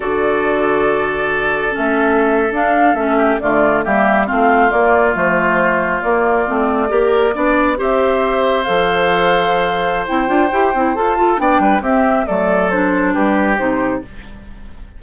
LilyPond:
<<
  \new Staff \with { instrumentName = "flute" } { \time 4/4 \tempo 4 = 137 d''1 | e''4.~ e''16 f''4 e''4 d''16~ | d''8. e''4 f''4 d''4 c''16~ | c''4.~ c''16 d''2~ d''16~ |
d''4.~ d''16 e''2 f''16~ | f''2. g''4~ | g''4 a''4 g''4 e''4 | d''4 c''4 b'4 c''4 | }
  \new Staff \with { instrumentName = "oboe" } { \time 4/4 a'1~ | a'2.~ a'16 g'8 f'16~ | f'8. g'4 f'2~ f'16~ | f'2.~ f'8. ais'16~ |
ais'8. d''4 c''2~ c''16~ | c''1~ | c''4. a'8 d''8 b'8 g'4 | a'2 g'2 | }
  \new Staff \with { instrumentName = "clarinet" } { \time 4/4 fis'1 | cis'4.~ cis'16 d'4 cis'4 a16~ | a8. ais4 c'4 ais4 a16~ | a4.~ a16 ais4 c'4 g'16~ |
g'8. d'4 g'2 a'16~ | a'2. e'8 f'8 | g'8 e'8 a'8 f'8 d'4 c'4 | a4 d'2 dis'4 | }
  \new Staff \with { instrumentName = "bassoon" } { \time 4/4 d1 | a4.~ a16 d'4 a4 d16~ | d8. g4 a4 ais4 f16~ | f4.~ f16 ais4 a4 ais16~ |
ais8. b4 c'2 f16~ | f2. c'8 d'8 | e'8 c'8 f'4 b8 g8 c'4 | fis2 g4 c4 | }
>>